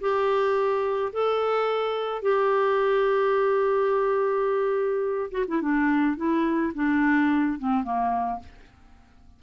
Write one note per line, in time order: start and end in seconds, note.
0.00 1.12 G4
1.13 2.22 A4
2.22 5.30 G4
5.31 5.45 F#4
5.47 5.61 E4
5.62 6.16 D4
6.16 6.72 E4
6.74 7.59 D4
7.59 7.84 C4
7.84 8.40 A#3